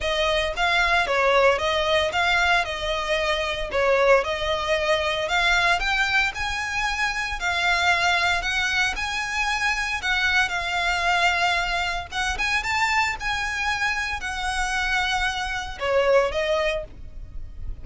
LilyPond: \new Staff \with { instrumentName = "violin" } { \time 4/4 \tempo 4 = 114 dis''4 f''4 cis''4 dis''4 | f''4 dis''2 cis''4 | dis''2 f''4 g''4 | gis''2 f''2 |
fis''4 gis''2 fis''4 | f''2. fis''8 gis''8 | a''4 gis''2 fis''4~ | fis''2 cis''4 dis''4 | }